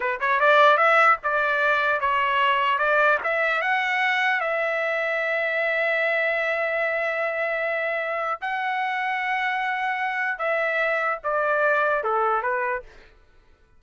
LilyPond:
\new Staff \with { instrumentName = "trumpet" } { \time 4/4 \tempo 4 = 150 b'8 cis''8 d''4 e''4 d''4~ | d''4 cis''2 d''4 | e''4 fis''2 e''4~ | e''1~ |
e''1~ | e''4 fis''2.~ | fis''2 e''2 | d''2 a'4 b'4 | }